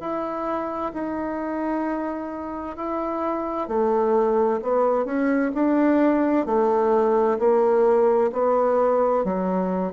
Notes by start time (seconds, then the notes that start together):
0.00 E4
0.94 D#4
2.77 E4
3.68 A3
4.62 B3
5.05 C#4
5.54 D4
6.46 A3
7.39 A#3
8.32 B3
9.24 F#3